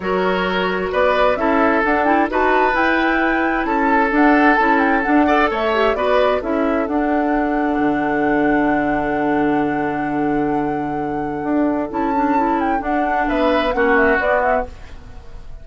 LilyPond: <<
  \new Staff \with { instrumentName = "flute" } { \time 4/4 \tempo 4 = 131 cis''2 d''4 e''4 | fis''8 g''8 a''4 g''2 | a''4 fis''4 a''8 g''8 fis''4 | e''4 d''4 e''4 fis''4~ |
fis''1~ | fis''1~ | fis''2 a''4. g''8 | fis''4 e''4 fis''8 e''8 d''8 e''8 | }
  \new Staff \with { instrumentName = "oboe" } { \time 4/4 ais'2 b'4 a'4~ | a'4 b'2. | a'2.~ a'8 d''8 | cis''4 b'4 a'2~ |
a'1~ | a'1~ | a'1~ | a'4 b'4 fis'2 | }
  \new Staff \with { instrumentName = "clarinet" } { \time 4/4 fis'2. e'4 | d'8 e'8 fis'4 e'2~ | e'4 d'4 e'4 d'8 a'8~ | a'8 g'8 fis'4 e'4 d'4~ |
d'1~ | d'1~ | d'2 e'8 d'8 e'4 | d'2 cis'4 b4 | }
  \new Staff \with { instrumentName = "bassoon" } { \time 4/4 fis2 b4 cis'4 | d'4 dis'4 e'2 | cis'4 d'4 cis'4 d'4 | a4 b4 cis'4 d'4~ |
d'4 d2.~ | d1~ | d4 d'4 cis'2 | d'4 b4 ais4 b4 | }
>>